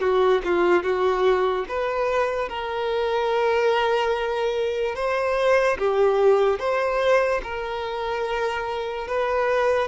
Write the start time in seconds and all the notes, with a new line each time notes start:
0.00 F#4
0.44 F4
0.83 F#4
1.68 B4
2.48 A#4
4.95 C5
5.78 G4
6.59 C5
7.43 A#4
9.07 B4